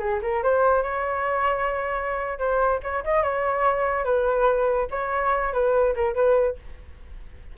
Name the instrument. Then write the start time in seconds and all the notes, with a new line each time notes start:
flute
0.00 G#4
0.23 A#4
0.44 C5
0.83 C#5
2.39 C5
2.83 C#5
3.05 D#5
3.23 C#5
4.05 B4
4.91 C#5
5.53 B4
5.95 A#4
6.15 B4